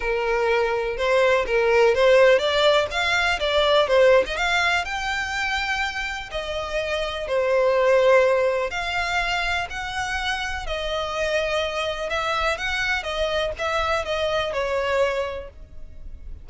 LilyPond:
\new Staff \with { instrumentName = "violin" } { \time 4/4 \tempo 4 = 124 ais'2 c''4 ais'4 | c''4 d''4 f''4 d''4 | c''8. dis''16 f''4 g''2~ | g''4 dis''2 c''4~ |
c''2 f''2 | fis''2 dis''2~ | dis''4 e''4 fis''4 dis''4 | e''4 dis''4 cis''2 | }